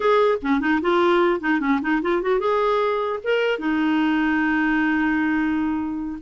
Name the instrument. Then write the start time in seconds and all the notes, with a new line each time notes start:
clarinet
0.00 G#4
0.42 C#4
0.60 D#4
0.81 F4
1.40 D#4
1.60 C#4
1.81 D#4
2.02 F4
2.21 F#4
2.39 G#4
3.23 A#4
3.58 D#4